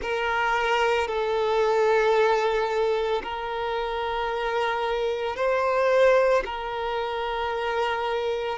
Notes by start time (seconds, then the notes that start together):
0.01 A#4
1.07 A4
3.23 A#4
5.36 C5
6.45 A#4